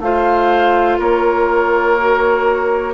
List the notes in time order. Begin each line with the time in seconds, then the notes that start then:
0.00 A3 F4 C5 F5
0.99 A#3 A#4 C#5
1.98 F#4